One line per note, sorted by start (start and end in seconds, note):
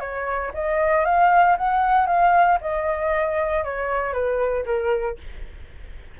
0.00 0.52 C#5
0.54 1.05 D#5
1.05 1.57 F5
1.57 2.07 F#5
2.07 2.59 F5
2.61 3.64 D#5
3.64 4.13 C#5
4.13 4.65 B4
4.66 5.17 A#4